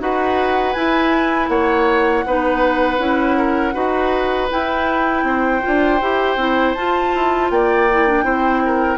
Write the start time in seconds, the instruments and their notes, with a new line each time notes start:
0.00 bassoon D#4, clarinet F#4, oboe B4, flute F#5
0.73 clarinet E4, bassoon E4, flute G#5
1.49 bassoon A#3, oboe C#5, flute F#5
2.26 bassoon B3, clarinet D#4, oboe B4
2.99 bassoon C#4, clarinet E4
3.38 oboe A#4
3.74 bassoon D#4, clarinet F#4, oboe B4
4.50 clarinet E4, bassoon E4, flute G5
5.24 bassoon C4, oboe C5
5.62 bassoon D4, clarinet F4
6.02 bassoon E4, clarinet G4
6.37 bassoon C4, clarinet E4
6.75 bassoon F4, clarinet F4, flute A5
7.15 bassoon E4
7.51 bassoon A#3, oboe D5, flute G5
7.91 clarinet E4
8.08 clarinet D4
8.24 bassoon C4, clarinet E4, oboe C5
8.66 oboe A#4